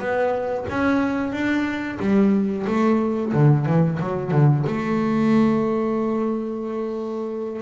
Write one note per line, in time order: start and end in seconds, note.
0.00 0.66 B3
0.70 1.33 C#4
1.33 1.99 D4
2.00 2.66 G3
2.67 3.33 A3
3.34 3.66 D3
3.66 3.99 E3
4.00 4.32 F#3
4.32 4.65 D3
4.67 7.62 A3